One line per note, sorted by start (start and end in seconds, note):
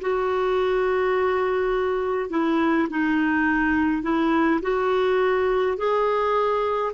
0.00 2.30 F#4
2.30 2.87 E4
2.90 4.02 D#4
4.02 4.60 E4
4.62 5.77 F#4
5.77 6.92 G#4